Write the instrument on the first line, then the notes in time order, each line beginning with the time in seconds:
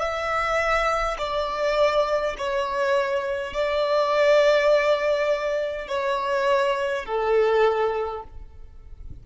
violin
0.00 E5
1.19 D5
2.39 C#5
3.54 D5
5.88 C#5
7.06 A4